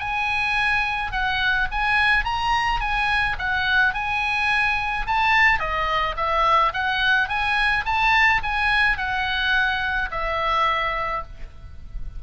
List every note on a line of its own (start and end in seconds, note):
0.00 1.12 G#5
1.12 1.68 F#5
1.72 2.25 G#5
2.25 2.81 A#5
2.81 3.37 G#5
3.39 3.95 F#5
3.95 5.07 G#5
5.07 5.60 A5
5.60 6.16 D#5
6.17 6.73 E5
6.74 7.29 F#5
7.29 7.85 G#5
7.86 8.42 A5
8.43 8.98 G#5
8.98 10.10 F#5
10.11 11.24 E5